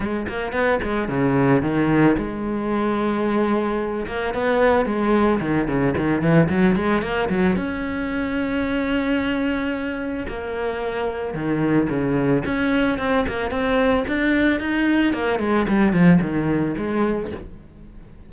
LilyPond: \new Staff \with { instrumentName = "cello" } { \time 4/4 \tempo 4 = 111 gis8 ais8 b8 gis8 cis4 dis4 | gis2.~ gis8 ais8 | b4 gis4 dis8 cis8 dis8 e8 | fis8 gis8 ais8 fis8 cis'2~ |
cis'2. ais4~ | ais4 dis4 cis4 cis'4 | c'8 ais8 c'4 d'4 dis'4 | ais8 gis8 g8 f8 dis4 gis4 | }